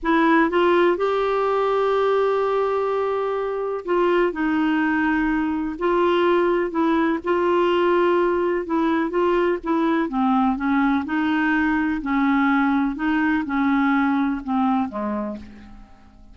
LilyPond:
\new Staff \with { instrumentName = "clarinet" } { \time 4/4 \tempo 4 = 125 e'4 f'4 g'2~ | g'1 | f'4 dis'2. | f'2 e'4 f'4~ |
f'2 e'4 f'4 | e'4 c'4 cis'4 dis'4~ | dis'4 cis'2 dis'4 | cis'2 c'4 gis4 | }